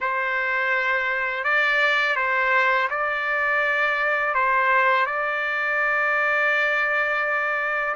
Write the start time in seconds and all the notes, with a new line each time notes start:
0.00 C5
1.44 D5
2.16 C5
2.89 D5
4.34 C5
5.06 D5